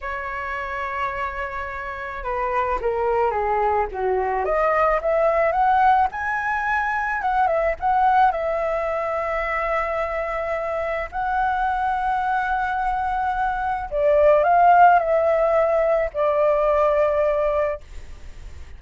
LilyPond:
\new Staff \with { instrumentName = "flute" } { \time 4/4 \tempo 4 = 108 cis''1 | b'4 ais'4 gis'4 fis'4 | dis''4 e''4 fis''4 gis''4~ | gis''4 fis''8 e''8 fis''4 e''4~ |
e''1 | fis''1~ | fis''4 d''4 f''4 e''4~ | e''4 d''2. | }